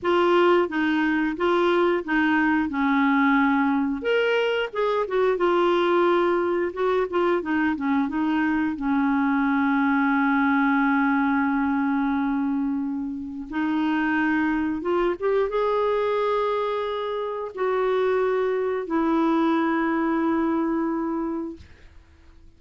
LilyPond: \new Staff \with { instrumentName = "clarinet" } { \time 4/4 \tempo 4 = 89 f'4 dis'4 f'4 dis'4 | cis'2 ais'4 gis'8 fis'8 | f'2 fis'8 f'8 dis'8 cis'8 | dis'4 cis'2.~ |
cis'1 | dis'2 f'8 g'8 gis'4~ | gis'2 fis'2 | e'1 | }